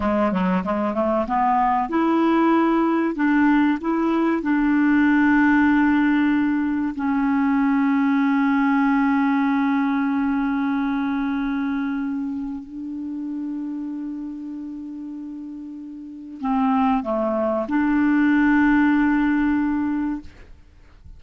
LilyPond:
\new Staff \with { instrumentName = "clarinet" } { \time 4/4 \tempo 4 = 95 gis8 fis8 gis8 a8 b4 e'4~ | e'4 d'4 e'4 d'4~ | d'2. cis'4~ | cis'1~ |
cis'1 | d'1~ | d'2 c'4 a4 | d'1 | }